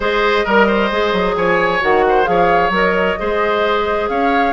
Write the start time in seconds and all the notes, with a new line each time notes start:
0.00 G#3 G#4 C5 D#5
0.45 G3 A#4
0.67 C5
0.91 G#3 G#4
1.13 F#3
1.35 F3 C#5 G#5
1.80 D#3 F#4 F#5
2.08 C5
2.24 F3 G#4 C#5 F5
2.69 F#3 A#4 D#5
3.18 G#3 G#4 C5
4.08 C#4 C#5 F5